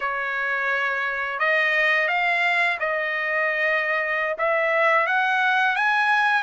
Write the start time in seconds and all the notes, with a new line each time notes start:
0.00 C#5
1.39 D#5
2.08 F5
2.79 D#5
4.38 E5
5.06 F#5
5.76 G#5